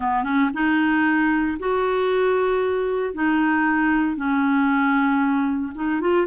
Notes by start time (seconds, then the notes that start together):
0.00 B3
0.23 C#4
0.53 D#4
1.59 F#4
3.14 D#4
4.16 C#4
5.75 D#4
6.00 F4